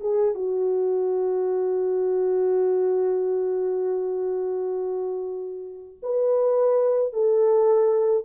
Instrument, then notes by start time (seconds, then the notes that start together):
horn
0.00 G#4
0.35 F#4
6.03 B4
7.13 A4